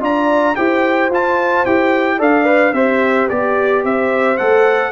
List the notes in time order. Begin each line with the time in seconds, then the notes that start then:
0.00 D4 F4 D5 A#5
0.55 E4 G4 C5 G5
1.09 F4 A5
1.65 E4 G4 G5
2.18 D4 A4 D5 F5
2.45 B4
2.73 C4 G4 C5 E5
3.29 B3 G4 D5
3.84 C4 C5 E5
4.37 A3 A4 F#5